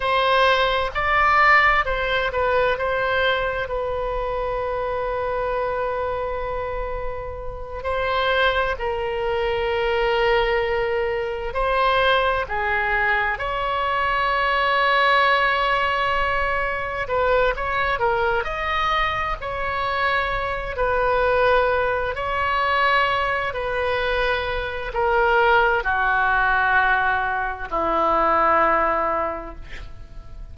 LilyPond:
\new Staff \with { instrumentName = "oboe" } { \time 4/4 \tempo 4 = 65 c''4 d''4 c''8 b'8 c''4 | b'1~ | b'8 c''4 ais'2~ ais'8~ | ais'8 c''4 gis'4 cis''4.~ |
cis''2~ cis''8 b'8 cis''8 ais'8 | dis''4 cis''4. b'4. | cis''4. b'4. ais'4 | fis'2 e'2 | }